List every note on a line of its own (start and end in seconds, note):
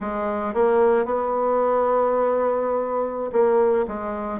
0.00 0.53 G#3
0.54 1.05 A#3
1.05 3.30 B3
3.32 3.85 A#3
3.87 4.39 G#3